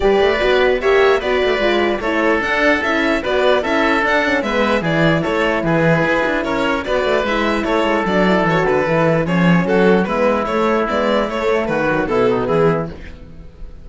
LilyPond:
<<
  \new Staff \with { instrumentName = "violin" } { \time 4/4 \tempo 4 = 149 d''2 e''4 d''4~ | d''4 cis''4 fis''4 e''4 | d''4 e''4 fis''4 e''4 | d''4 cis''4 b'2 |
cis''4 d''4 e''4 cis''4 | d''4 cis''8 b'4. cis''4 | a'4 b'4 cis''4 d''4 | cis''4 b'4 a'4 gis'4 | }
  \new Staff \with { instrumentName = "oboe" } { \time 4/4 b'2 cis''4 b'4~ | b'4 a'2. | b'4 a'2 b'4 | gis'4 a'4 gis'2 |
ais'4 b'2 a'4~ | a'2. gis'4 | fis'4 e'2.~ | e'4 fis'4 e'8 dis'8 e'4 | }
  \new Staff \with { instrumentName = "horn" } { \time 4/4 g'4 fis'4 g'4 fis'4 | f'4 e'4 d'4 e'4 | fis'4 e'4 d'8 cis'8 b4 | e'1~ |
e'4 fis'4 e'2 | d'8 e'8 fis'4 e'4 cis'4~ | cis'4 b4 a4 b4 | a4. fis8 b2 | }
  \new Staff \with { instrumentName = "cello" } { \time 4/4 g8 a8 b4 ais4 b8 a8 | gis4 a4 d'4 cis'4 | b4 cis'4 d'4 gis4 | e4 a4 e4 e'8 d'8 |
cis'4 b8 a8 gis4 a8 gis8 | fis4 e8 d8 e4 f4 | fis4 gis4 a4 gis4 | a4 dis4 b,4 e4 | }
>>